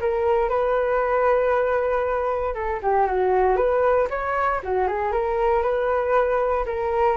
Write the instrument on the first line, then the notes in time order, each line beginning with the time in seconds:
flute
0.00 A#4
0.49 B4
2.54 A4
2.82 G4
3.07 F#4
3.56 B4
4.10 C#5
4.63 F#4
4.87 G#4
5.11 A#4
5.62 B4
6.65 A#4